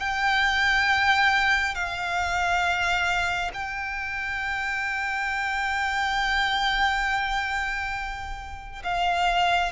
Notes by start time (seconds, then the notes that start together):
0.00 G5
1.75 F5
3.54 G5
8.84 F5